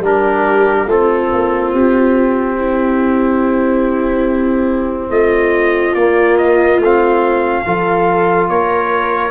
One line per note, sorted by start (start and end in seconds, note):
0.00 0.85 G3
0.00 0.88 D4
0.00 0.89 A#4
0.07 0.87 G4
0.85 1.27 A3
0.85 5.97 C4
0.85 2.56 F4
0.85 1.74 A4
1.33 1.73 A#3
1.73 5.10 C4
1.73 5.11 G4
2.58 5.11 E4
5.10 5.94 A3
5.10 7.64 F4
5.10 5.95 D#5
5.95 6.78 A#3
5.95 6.82 A#3
5.95 6.37 D5
6.37 6.80 D#5
6.78 7.63 A3
6.78 7.65 C4
6.78 8.49 F5
7.65 8.49 F3
7.65 9.31 F4
7.65 8.50 A4
8.49 9.31 A#3
8.49 9.31 A#4
8.49 9.31 C#5